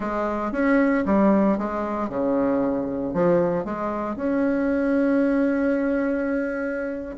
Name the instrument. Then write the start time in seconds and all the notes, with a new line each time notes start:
bassoon
0.00 G#3
0.52 C#4
1.05 G3
1.58 G#3
2.09 C#3
3.13 F3
3.65 G#3
4.16 C#4